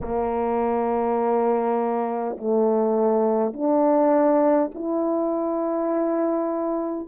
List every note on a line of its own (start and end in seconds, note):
0.01 2.36 A#3
2.37 3.53 A3
3.53 4.71 D4
4.74 7.07 E4